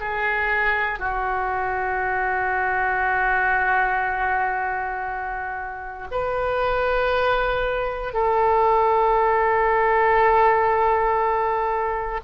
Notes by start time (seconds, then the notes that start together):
0.00 G#4
0.99 F#4
6.11 B4
8.14 A4